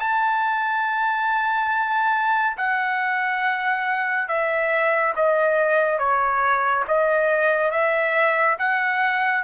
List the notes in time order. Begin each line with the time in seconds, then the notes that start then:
0.00 A5
2.57 F#5
4.28 E5
5.16 D#5
5.99 C#5
6.88 D#5
7.71 E5
8.59 F#5